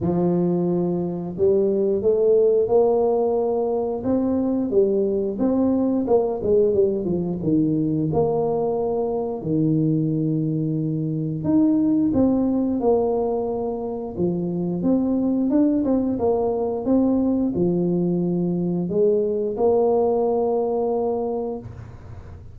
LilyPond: \new Staff \with { instrumentName = "tuba" } { \time 4/4 \tempo 4 = 89 f2 g4 a4 | ais2 c'4 g4 | c'4 ais8 gis8 g8 f8 dis4 | ais2 dis2~ |
dis4 dis'4 c'4 ais4~ | ais4 f4 c'4 d'8 c'8 | ais4 c'4 f2 | gis4 ais2. | }